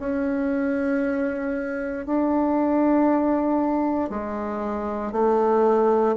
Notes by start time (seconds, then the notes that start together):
0.00 C#4
2.06 D4
4.10 G#3
5.12 A3